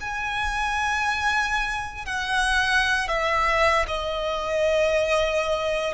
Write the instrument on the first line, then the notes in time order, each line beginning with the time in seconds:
violin
0.00 G#5
2.05 F#5
3.08 E5
3.87 D#5